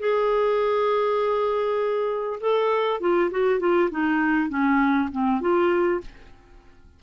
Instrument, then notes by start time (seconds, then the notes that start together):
clarinet
0.00 G#4
2.41 A4
3.01 F4
3.31 F#4
3.60 F4
3.91 D#4
4.49 C#4
5.12 C4
5.41 F4